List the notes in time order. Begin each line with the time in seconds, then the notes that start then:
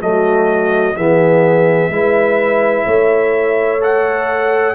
0.00 F#3 A3 F#4 D#5
0.96 E3 B3 G#4 E5
1.89 G#3 E4 B4
2.86 A3 C#5
3.81 A4 F#5